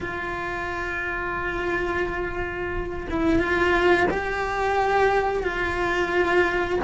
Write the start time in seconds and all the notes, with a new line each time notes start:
0.00 F4
3.10 E4
3.39 F4
4.10 G4
5.43 F4